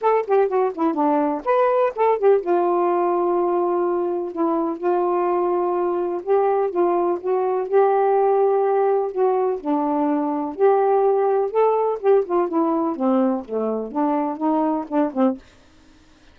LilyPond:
\new Staff \with { instrumentName = "saxophone" } { \time 4/4 \tempo 4 = 125 a'8 g'8 fis'8 e'8 d'4 b'4 | a'8 g'8 f'2.~ | f'4 e'4 f'2~ | f'4 g'4 f'4 fis'4 |
g'2. fis'4 | d'2 g'2 | a'4 g'8 f'8 e'4 c'4 | a4 d'4 dis'4 d'8 c'8 | }